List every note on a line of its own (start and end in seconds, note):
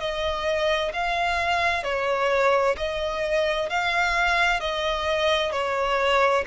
0.00 0.92 D#5
0.93 1.83 F5
1.83 2.76 C#5
2.77 3.70 D#5
3.70 4.60 F5
4.60 5.52 D#5
5.52 6.44 C#5